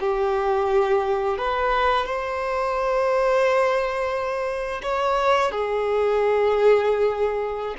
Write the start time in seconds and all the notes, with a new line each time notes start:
0.00 G4
1.37 B4
2.05 C5
4.82 C#5
5.51 G#4